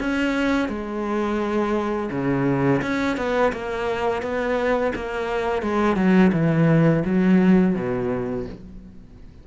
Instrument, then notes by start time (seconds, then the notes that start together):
cello
0.00 C#4
0.69 G#3
2.11 C#3
2.82 C#4
3.18 B3
3.53 A#3
4.23 B3
4.96 A#3
5.63 G#3
5.97 F#3
6.33 E3
7.06 F#3
7.76 B2